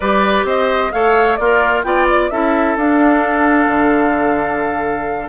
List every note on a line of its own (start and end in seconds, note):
0.00 0.43 G3
0.00 0.92 G4
0.00 0.46 B4
0.00 0.46 D5
0.43 0.90 C4
0.43 0.92 C5
0.43 0.91 D#5
0.91 1.38 A3
0.91 1.38 A4
0.91 1.39 C#5
0.91 1.35 F5
1.35 1.84 A#3
1.35 1.85 F4
1.35 1.82 D5
1.42 1.84 A#4
1.83 2.30 B3
1.83 2.30 F4
1.83 2.31 D5
1.83 2.06 G5
2.10 2.30 D5
2.30 2.76 C#4
2.30 2.78 E4
2.30 5.28 A4
2.30 2.76 E5
2.76 3.67 D4
2.76 5.28 D4
2.76 5.28 F5
3.67 5.28 D3